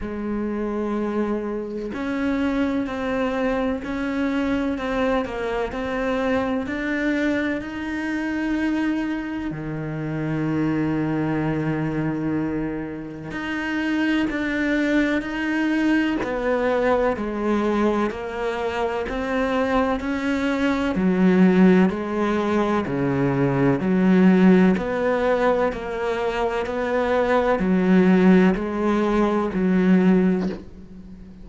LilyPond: \new Staff \with { instrumentName = "cello" } { \time 4/4 \tempo 4 = 63 gis2 cis'4 c'4 | cis'4 c'8 ais8 c'4 d'4 | dis'2 dis2~ | dis2 dis'4 d'4 |
dis'4 b4 gis4 ais4 | c'4 cis'4 fis4 gis4 | cis4 fis4 b4 ais4 | b4 fis4 gis4 fis4 | }